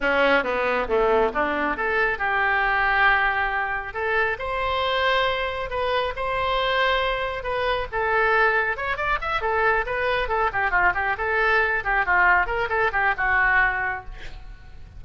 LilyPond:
\new Staff \with { instrumentName = "oboe" } { \time 4/4 \tempo 4 = 137 cis'4 b4 a4 d'4 | a'4 g'2.~ | g'4 a'4 c''2~ | c''4 b'4 c''2~ |
c''4 b'4 a'2 | cis''8 d''8 e''8 a'4 b'4 a'8 | g'8 f'8 g'8 a'4. g'8 f'8~ | f'8 ais'8 a'8 g'8 fis'2 | }